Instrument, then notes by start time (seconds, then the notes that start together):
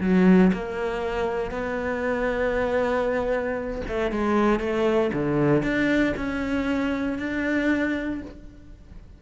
cello
0.00 F#3
0.53 A#3
1.51 B3
3.88 A3
4.11 G#3
4.59 A3
5.13 D3
5.62 D4
6.16 C#4
7.18 D4